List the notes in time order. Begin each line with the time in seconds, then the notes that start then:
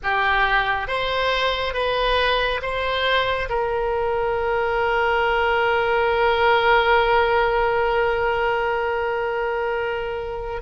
0.03 G4
0.87 C5
1.74 B4
2.62 C5
3.49 A#4